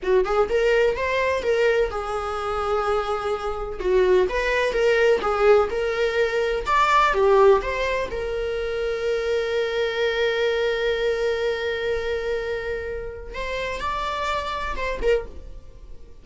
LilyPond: \new Staff \with { instrumentName = "viola" } { \time 4/4 \tempo 4 = 126 fis'8 gis'8 ais'4 c''4 ais'4 | gis'1 | fis'4 b'4 ais'4 gis'4 | ais'2 d''4 g'4 |
c''4 ais'2.~ | ais'1~ | ais'1 | c''4 d''2 c''8 ais'8 | }